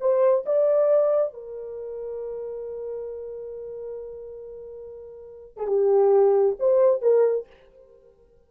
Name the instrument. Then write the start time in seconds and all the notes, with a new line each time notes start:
horn
0.00 C5
0.46 D5
1.34 A#4
5.57 G#4
5.67 G4
6.59 C5
7.02 A#4